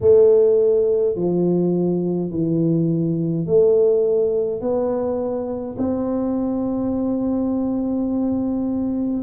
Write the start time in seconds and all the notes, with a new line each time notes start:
0.01 A3
1.15 F3
2.31 E3
3.46 A3
4.60 B3
5.77 C4